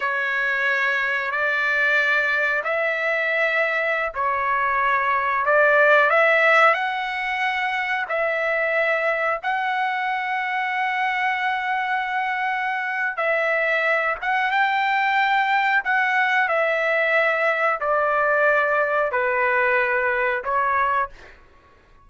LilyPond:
\new Staff \with { instrumentName = "trumpet" } { \time 4/4 \tempo 4 = 91 cis''2 d''2 | e''2~ e''16 cis''4.~ cis''16~ | cis''16 d''4 e''4 fis''4.~ fis''16~ | fis''16 e''2 fis''4.~ fis''16~ |
fis''1 | e''4. fis''8 g''2 | fis''4 e''2 d''4~ | d''4 b'2 cis''4 | }